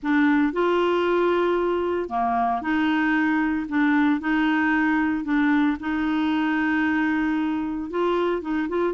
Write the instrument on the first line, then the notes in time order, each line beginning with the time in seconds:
clarinet
0.02 D4
0.53 F4
2.09 A#3
2.61 D#4
3.68 D4
4.20 D#4
5.24 D4
5.80 D#4
7.90 F4
8.41 D#4
8.68 F4